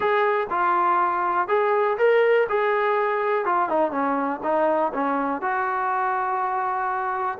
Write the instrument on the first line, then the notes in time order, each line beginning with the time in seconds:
trombone
0.00 G#4
0.50 F4
1.48 G#4
1.98 A#4
2.49 G#4
3.45 F4
3.69 D#4
3.91 C#4
4.43 D#4
4.93 C#4
5.41 F#4